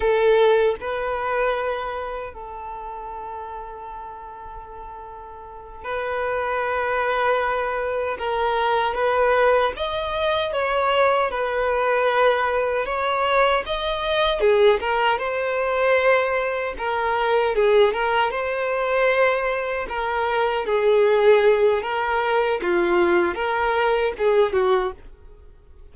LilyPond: \new Staff \with { instrumentName = "violin" } { \time 4/4 \tempo 4 = 77 a'4 b'2 a'4~ | a'2.~ a'8 b'8~ | b'2~ b'8 ais'4 b'8~ | b'8 dis''4 cis''4 b'4.~ |
b'8 cis''4 dis''4 gis'8 ais'8 c''8~ | c''4. ais'4 gis'8 ais'8 c''8~ | c''4. ais'4 gis'4. | ais'4 f'4 ais'4 gis'8 fis'8 | }